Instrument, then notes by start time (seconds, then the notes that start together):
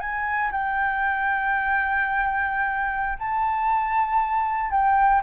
flute
0.00 G#5
0.52 G5
3.19 A5
4.71 G5